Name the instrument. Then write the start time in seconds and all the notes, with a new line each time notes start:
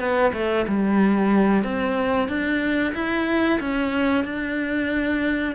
cello
0.00 B3
0.33 A3
0.68 G3
1.64 C4
2.29 D4
2.95 E4
3.60 C#4
4.25 D4